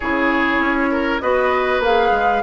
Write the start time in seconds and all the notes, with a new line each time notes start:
0.00 C#3 E4 G#4 C#5
0.59 C#4
0.91 A#4
1.20 B3 F#4 B4 D#5
1.80 A#3 G#4 F5
2.10 G#3